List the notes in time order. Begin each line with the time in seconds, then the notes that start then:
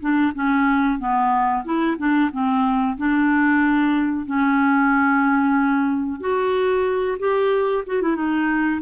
0.00 D4
0.34 C#4
0.99 B3
1.65 E4
1.98 D4
2.32 C4
2.97 D4
4.26 C#4
6.20 F#4
7.19 G4
7.87 F#4
8.02 E4
8.16 D#4